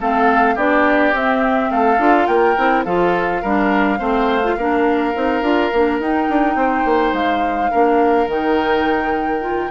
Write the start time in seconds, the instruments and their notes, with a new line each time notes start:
0.00 bassoon A3, clarinet C4, oboe A4, flute F5
0.55 bassoon B3, clarinet D4, oboe G4, flute D5
1.12 bassoon C4, clarinet C4, flute E5
1.70 bassoon A3, oboe A4, flute F5
1.98 bassoon D4, clarinet F4
2.26 bassoon A#3, oboe A#4, flute G5
2.57 bassoon C4, clarinet E4
2.84 bassoon F3, clarinet F4, oboe A4, flute F5
3.42 bassoon G3, clarinet D4, oboe A#4
3.98 bassoon A3, clarinet C4, oboe C5
4.43 clarinet F4
4.56 bassoon A#3, clarinet D4, oboe A#4
5.14 bassoon C4, clarinet D#4
5.41 bassoon D4, clarinet F4
5.73 bassoon A#3, clarinet D4
5.99 bassoon D#4, clarinet D#4, flute G5
6.29 bassoon D4
6.55 bassoon C4, oboe C5
6.85 bassoon A#3
7.12 bassoon G#3, flute F5
7.71 bassoon A#3, clarinet D4, oboe A#4
8.27 bassoon D#3, clarinet D#4, flute G5
9.41 clarinet F4